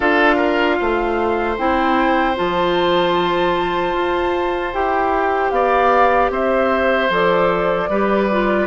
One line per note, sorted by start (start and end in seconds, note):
0.00 0.79 D4
0.00 1.57 F4
0.00 0.36 A4
0.00 1.56 F5
0.36 0.75 A#4
0.79 1.58 A3
0.79 5.53 C5
1.57 2.37 C4
1.57 2.34 E4
1.57 2.36 G5
2.34 3.93 F3
2.34 4.71 F4
2.34 4.74 A5
3.93 4.72 F4
4.73 5.51 E4
4.73 7.10 G4
4.73 5.50 G5
5.50 6.30 B3
5.50 6.31 D5
5.50 6.29 F5
6.30 7.09 C4
6.30 7.89 C5
6.30 7.12 E5
7.09 7.88 F3
7.09 7.89 A4
7.09 8.67 D5
7.88 8.67 G3
7.88 8.30 G4
7.88 8.67 B4
8.30 8.67 F4